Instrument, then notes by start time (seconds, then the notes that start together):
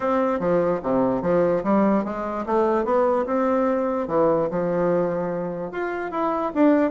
bassoon
0.00 C4
0.39 F3
0.83 C3
1.22 F3
1.63 G3
2.04 G#3
2.45 A3
2.84 B3
3.26 C4
4.07 E3
4.50 F3
5.71 F4
6.11 E4
6.54 D4